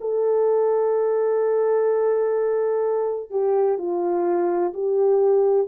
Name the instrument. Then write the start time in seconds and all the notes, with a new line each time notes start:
horn
0.00 A4
3.30 G4
3.78 F4
4.74 G4